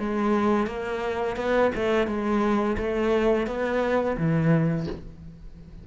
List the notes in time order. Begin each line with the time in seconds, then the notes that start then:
0.00 G#3
0.67 A#3
1.37 B3
1.76 A3
2.08 G#3
2.78 A3
3.48 B3
4.18 E3